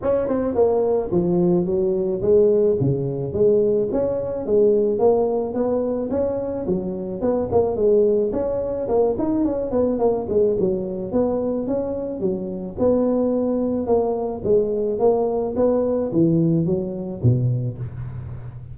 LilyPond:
\new Staff \with { instrumentName = "tuba" } { \time 4/4 \tempo 4 = 108 cis'8 c'8 ais4 f4 fis4 | gis4 cis4 gis4 cis'4 | gis4 ais4 b4 cis'4 | fis4 b8 ais8 gis4 cis'4 |
ais8 dis'8 cis'8 b8 ais8 gis8 fis4 | b4 cis'4 fis4 b4~ | b4 ais4 gis4 ais4 | b4 e4 fis4 b,4 | }